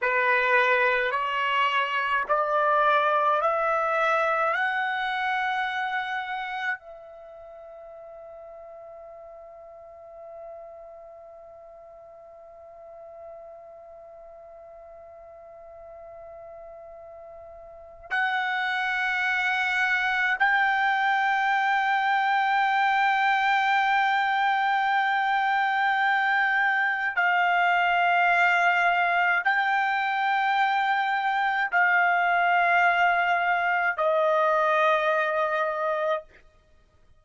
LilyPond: \new Staff \with { instrumentName = "trumpet" } { \time 4/4 \tempo 4 = 53 b'4 cis''4 d''4 e''4 | fis''2 e''2~ | e''1~ | e''1 |
fis''2 g''2~ | g''1 | f''2 g''2 | f''2 dis''2 | }